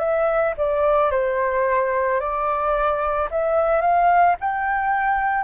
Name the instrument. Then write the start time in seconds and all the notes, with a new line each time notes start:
flute
0.00 E5
0.58 D5
1.11 C5
2.20 D5
3.31 E5
3.82 F5
4.41 G5